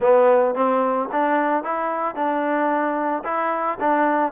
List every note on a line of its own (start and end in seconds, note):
0.00 0.54 B3
0.54 1.08 C4
1.12 1.63 D4
1.63 2.15 E4
2.15 3.23 D4
3.24 3.78 E4
3.80 4.32 D4